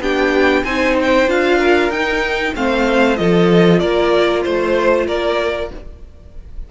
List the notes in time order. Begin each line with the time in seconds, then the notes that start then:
0.00 B3 D4 G4 G5
0.64 C4 D#4 C5 G#5
1.02 G5
1.27 D4 F4 F5
1.59 A#4
1.90 D#4 G5
2.56 A3 C4 C5 F5
3.16 F3 F4 A4 D#5
3.79 A#3 A#4 D5
4.44 A3 C5
5.07 A#3 A#4 D5